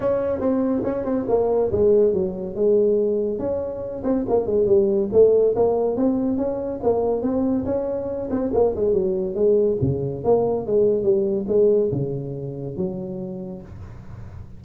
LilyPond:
\new Staff \with { instrumentName = "tuba" } { \time 4/4 \tempo 4 = 141 cis'4 c'4 cis'8 c'8 ais4 | gis4 fis4 gis2 | cis'4. c'8 ais8 gis8 g4 | a4 ais4 c'4 cis'4 |
ais4 c'4 cis'4. c'8 | ais8 gis8 fis4 gis4 cis4 | ais4 gis4 g4 gis4 | cis2 fis2 | }